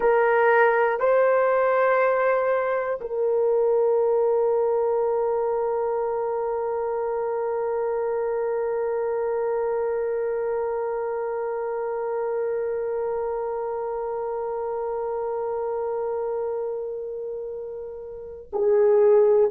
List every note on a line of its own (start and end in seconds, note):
0.00 0.99 A#4
0.99 2.99 C5
3.00 18.50 A#4
18.53 19.50 G#4